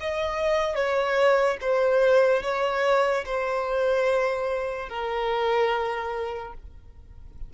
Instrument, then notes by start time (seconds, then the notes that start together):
violin
0.00 D#5
0.75 C#5
1.61 C5
2.42 C#5
3.25 C5
4.89 A#4